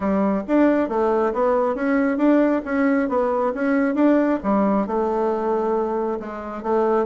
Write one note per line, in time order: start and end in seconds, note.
0.00 0.43 G3
0.47 0.88 D4
0.88 1.32 A3
1.33 1.75 B3
1.75 2.17 C#4
2.17 2.61 D4
2.64 3.08 C#4
3.08 3.53 B3
3.54 3.94 C#4
3.94 4.39 D4
4.43 4.86 G3
4.86 6.19 A3
6.19 6.63 G#3
6.63 7.06 A3